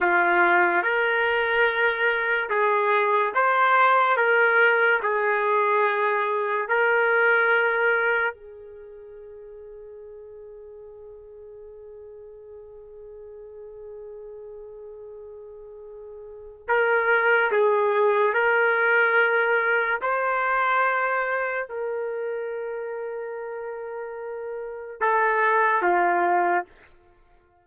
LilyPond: \new Staff \with { instrumentName = "trumpet" } { \time 4/4 \tempo 4 = 72 f'4 ais'2 gis'4 | c''4 ais'4 gis'2 | ais'2 gis'2~ | gis'1~ |
gis'1 | ais'4 gis'4 ais'2 | c''2 ais'2~ | ais'2 a'4 f'4 | }